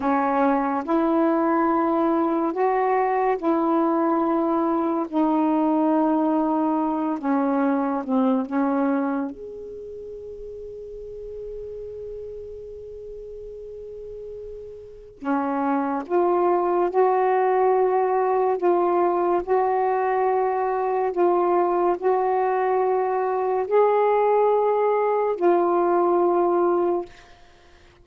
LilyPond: \new Staff \with { instrumentName = "saxophone" } { \time 4/4 \tempo 4 = 71 cis'4 e'2 fis'4 | e'2 dis'2~ | dis'8 cis'4 c'8 cis'4 gis'4~ | gis'1~ |
gis'2 cis'4 f'4 | fis'2 f'4 fis'4~ | fis'4 f'4 fis'2 | gis'2 f'2 | }